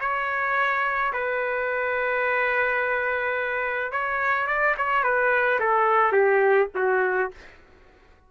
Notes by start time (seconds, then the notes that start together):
0.00 C#5
1.13 B4
3.92 C#5
4.47 D5
4.77 C#5
5.03 B4
5.59 A4
6.12 G4
6.74 F#4